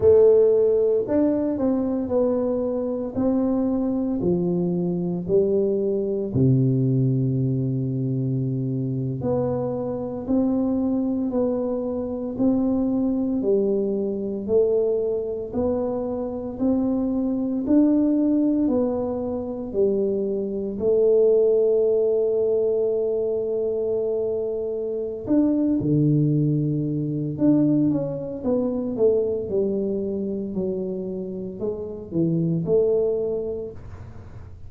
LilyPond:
\new Staff \with { instrumentName = "tuba" } { \time 4/4 \tempo 4 = 57 a4 d'8 c'8 b4 c'4 | f4 g4 c2~ | c8. b4 c'4 b4 c'16~ | c'8. g4 a4 b4 c'16~ |
c'8. d'4 b4 g4 a16~ | a1 | d'8 d4. d'8 cis'8 b8 a8 | g4 fis4 gis8 e8 a4 | }